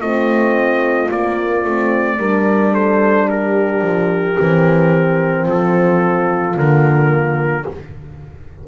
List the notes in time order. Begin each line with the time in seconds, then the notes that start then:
0.00 A3 C4 F4 D#5
1.09 A#3 D5
1.64 A3 C4
2.17 G3 D4 A#4
2.72 A4 C5
3.29 G4 A#4
3.81 F3
4.36 E3 C4
5.45 F3 F4 A4
6.54 D3 A#3 A#4